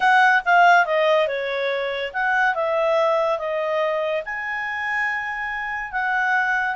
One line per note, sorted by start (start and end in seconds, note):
0.00 0.42 F#5
0.45 0.85 F5
0.85 1.27 D#5
1.27 2.12 C#5
2.13 2.54 F#5
2.54 3.38 E5
3.38 4.23 D#5
4.25 5.92 G#5
5.92 6.75 F#5